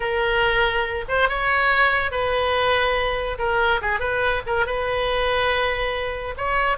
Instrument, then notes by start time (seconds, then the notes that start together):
oboe
0.00 A#4
1.08 C5
1.28 C#5
2.11 B4
3.38 A#4
3.81 G#4
3.99 B4
4.46 A#4
4.66 B4
6.37 C#5